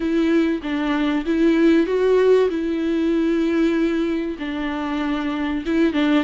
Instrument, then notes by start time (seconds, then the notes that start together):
viola
0.00 E4
0.62 D4
1.25 E4
1.86 F#4
2.49 E4
4.38 D4
5.65 E4
5.93 D4